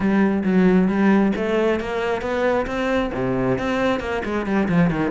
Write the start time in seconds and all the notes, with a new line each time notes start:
0.00 G3
0.43 F#3
0.87 G3
1.36 A3
1.80 A#3
2.21 B3
2.66 C4
3.14 C3
3.58 C4
4.00 A#3
4.24 G#3
4.46 G3
4.68 F3
4.90 D#3